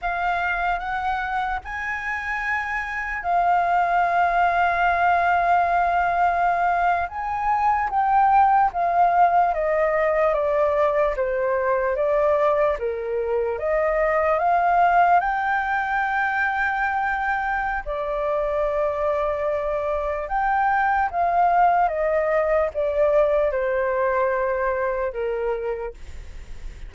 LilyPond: \new Staff \with { instrumentName = "flute" } { \time 4/4 \tempo 4 = 74 f''4 fis''4 gis''2 | f''1~ | f''8. gis''4 g''4 f''4 dis''16~ | dis''8. d''4 c''4 d''4 ais'16~ |
ais'8. dis''4 f''4 g''4~ g''16~ | g''2 d''2~ | d''4 g''4 f''4 dis''4 | d''4 c''2 ais'4 | }